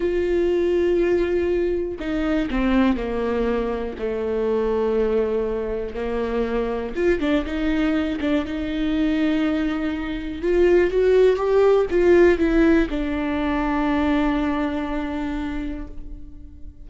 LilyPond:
\new Staff \with { instrumentName = "viola" } { \time 4/4 \tempo 4 = 121 f'1 | dis'4 c'4 ais2 | a1 | ais2 f'8 d'8 dis'4~ |
dis'8 d'8 dis'2.~ | dis'4 f'4 fis'4 g'4 | f'4 e'4 d'2~ | d'1 | }